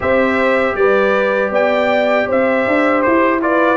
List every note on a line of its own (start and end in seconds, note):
0.00 0.75 C4
0.00 3.41 G4
0.00 0.76 C5
0.00 0.75 E5
0.75 1.50 G3
0.75 1.51 B4
0.75 1.51 D5
1.50 2.26 B3
1.50 2.26 D5
1.50 2.29 G5
2.26 2.67 C4
2.26 3.40 C5
2.26 3.02 E5
2.67 3.05 D4
3.02 3.76 E4
3.02 3.40 C5
3.41 3.76 F4
3.41 3.76 B4
3.41 3.76 D5